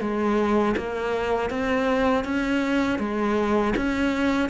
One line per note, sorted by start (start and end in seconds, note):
0.00 0.75 G#3
0.76 1.50 A#3
1.50 2.24 C4
2.24 2.99 C#4
2.99 3.74 G#3
3.76 4.49 C#4